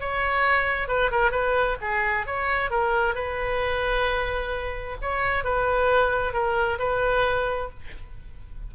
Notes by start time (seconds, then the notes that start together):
0.00 C#5
0.88 B4
1.11 A#4
1.31 B4
1.81 G#4
2.26 C#5
2.70 A#4
3.15 B4
5.02 C#5
5.44 B4
6.33 A#4
6.79 B4